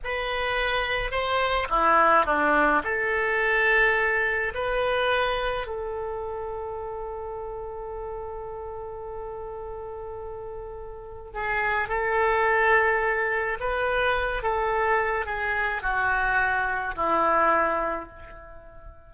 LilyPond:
\new Staff \with { instrumentName = "oboe" } { \time 4/4 \tempo 4 = 106 b'2 c''4 e'4 | d'4 a'2. | b'2 a'2~ | a'1~ |
a'1 | gis'4 a'2. | b'4. a'4. gis'4 | fis'2 e'2 | }